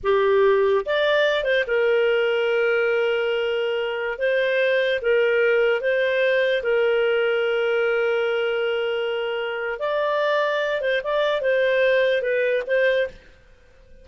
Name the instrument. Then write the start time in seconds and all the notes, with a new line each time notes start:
clarinet
0.03 G4
0.85 D5
1.43 C5
1.67 A#4
4.18 C5
5.01 A#4
5.80 C5
6.62 A#4
9.79 D5
10.81 C5
11.03 D5
11.41 C5
12.22 B4
12.66 C5